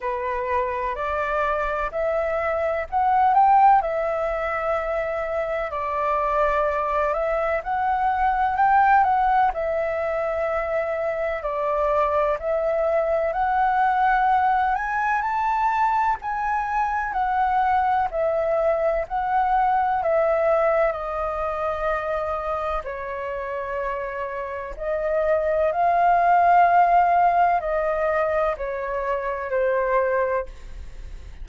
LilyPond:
\new Staff \with { instrumentName = "flute" } { \time 4/4 \tempo 4 = 63 b'4 d''4 e''4 fis''8 g''8 | e''2 d''4. e''8 | fis''4 g''8 fis''8 e''2 | d''4 e''4 fis''4. gis''8 |
a''4 gis''4 fis''4 e''4 | fis''4 e''4 dis''2 | cis''2 dis''4 f''4~ | f''4 dis''4 cis''4 c''4 | }